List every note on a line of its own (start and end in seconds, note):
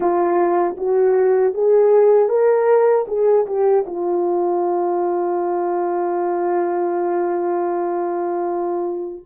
0.00 0.76 F4
0.77 1.53 F#4
1.53 2.28 G#4
2.28 3.05 A#4
3.07 3.46 G#4
3.46 3.85 G4
3.86 9.24 F4